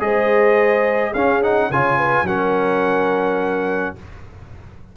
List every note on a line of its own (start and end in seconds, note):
0.00 1.14 G#3
0.00 1.13 G#4
0.00 1.13 C5
0.00 1.14 D#5
1.13 1.70 C#4
1.13 1.43 C#4
1.13 1.69 G#4
1.13 1.42 F5
1.43 1.71 D#4
1.43 1.72 F#5
1.70 2.23 C#3
1.70 2.26 F4
1.70 1.98 C#5
1.70 2.27 G#5
1.98 2.26 B4
2.23 3.93 F#3
2.23 3.96 C#4
2.23 3.97 A#4
2.23 3.97 F#5